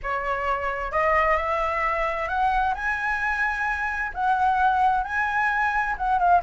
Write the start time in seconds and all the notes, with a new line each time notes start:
0.02 C#5
0.91 D#5
1.36 E5
2.28 F#5
2.74 G#5
4.13 F#5
5.03 G#5
5.97 F#5
6.19 F5